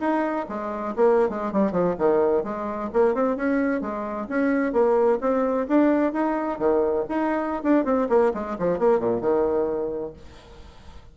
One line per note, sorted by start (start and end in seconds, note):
0.00 0.46 D#4
0.49 0.95 G#3
0.96 1.29 A#3
1.29 1.52 G#3
1.52 1.72 G3
1.72 1.95 F3
1.99 2.44 D#3
2.44 2.90 G#3
2.93 3.14 A#3
3.14 3.37 C4
3.37 3.81 C#4
3.81 4.28 G#3
4.29 4.73 C#4
4.73 5.19 A#3
5.21 5.67 C4
5.68 6.13 D4
6.13 6.59 D#4
6.59 7.05 D#3
7.09 7.64 D#4
7.64 7.85 D4
7.85 8.08 C4
8.09 8.32 A#3
8.34 8.57 G#3
8.59 8.79 F3
8.79 9.00 A#3
9.00 9.21 A#2
9.21 10.13 D#3